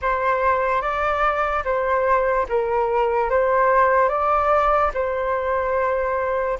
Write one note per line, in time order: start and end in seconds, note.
0.01 0.81 C5
0.81 1.63 D5
1.64 2.46 C5
2.48 3.30 A#4
3.30 4.09 C5
4.09 4.91 D5
4.94 6.58 C5